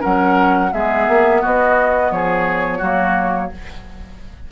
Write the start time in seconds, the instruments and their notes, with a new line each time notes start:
0.00 bassoon F#3, clarinet C#4, oboe A#4, flute F#5
0.73 bassoon G#3, clarinet B3, oboe G#4, flute E5
1.08 bassoon A#3
1.42 bassoon B3, oboe F#4, flute D#5
2.11 bassoon F3, oboe G#4, flute C#5
2.78 bassoon F#3, clarinet A#3, oboe F#4